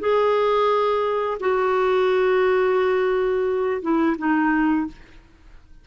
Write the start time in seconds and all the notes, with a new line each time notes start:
0.00 G#4
1.40 F#4
3.82 E4
4.18 D#4